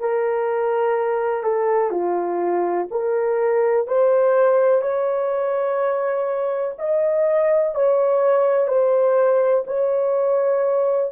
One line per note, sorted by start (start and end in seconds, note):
0.00 1.43 A#4
1.43 1.91 A4
1.91 2.88 F4
2.91 3.87 A#4
3.87 4.82 C5
4.82 6.75 C#5
6.79 7.75 D#5
7.75 8.68 C#5
8.68 9.65 C5
9.67 11.12 C#5